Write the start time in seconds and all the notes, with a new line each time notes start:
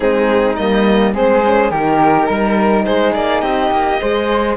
0.00 G#3 C4 D#4 G#4
0.56 G3 A#3 D#5
1.13 G#3 C4 G#4 C5
1.44 C#4
1.70 D#3 D#4 G4 A#4
2.26 G3 A#4
2.84 G#3 G#4 C5
3.13 A#3 D5
3.40 C4 G4 D#5
3.71 A#3
3.99 G#3 G#4 C5